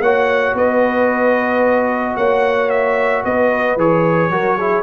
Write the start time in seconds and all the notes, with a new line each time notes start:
0.00 A#3 F#4 C#5 F#5
0.54 B3 B4 D#5
2.16 A#3 C#5 F#5
2.70 E5
3.24 B3 B4 D#5
3.76 E3 G#4 C#5
4.30 F#3 F#4 A#4
4.56 E4 G#4